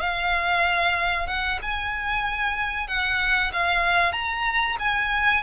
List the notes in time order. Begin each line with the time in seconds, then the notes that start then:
0.00 F5
1.27 F#5
1.62 G#5
2.88 F#5
3.53 F5
4.13 A#5
4.79 G#5